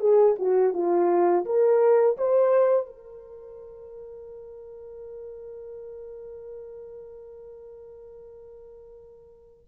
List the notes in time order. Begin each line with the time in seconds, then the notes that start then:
0.00 G#4
0.39 F#4
0.74 F4
1.46 A#4
2.18 C5
2.87 A#4